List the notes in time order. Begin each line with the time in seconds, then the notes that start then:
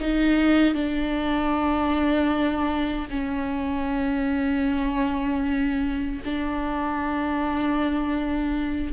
0.00 D#4
0.74 D4
3.10 C#4
6.24 D4